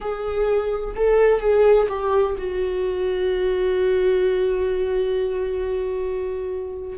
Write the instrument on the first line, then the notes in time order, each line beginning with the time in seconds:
viola
0.00 G#4
0.96 A4
1.40 G#4
1.88 G4
2.37 F#4